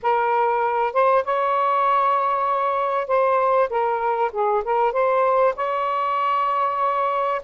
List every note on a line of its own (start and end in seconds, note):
0.02 0.93 A#4
0.93 1.24 C5
1.24 3.07 C#5
3.07 3.69 C5
3.69 4.31 A#4
4.32 4.63 G#4
4.64 4.92 A#4
4.92 5.54 C5
5.56 7.41 C#5